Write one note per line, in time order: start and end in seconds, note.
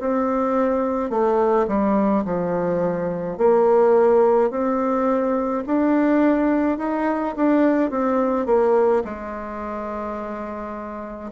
0.00 1.10 C4
1.10 1.67 A3
1.68 2.24 G3
2.25 3.38 F3
3.38 4.51 A#3
4.51 5.64 C4
5.67 6.78 D4
6.78 7.35 D#4
7.37 7.91 D4
7.91 8.46 C4
8.46 9.03 A#3
9.05 11.31 G#3